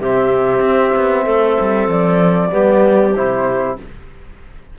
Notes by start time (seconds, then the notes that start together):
0.00 C3 C4 G4 E5
0.60 C4
0.96 B3
1.24 A3 A4
1.60 G3
1.88 F3 D5
2.51 G3 B3 G4
3.16 C3 E4 C5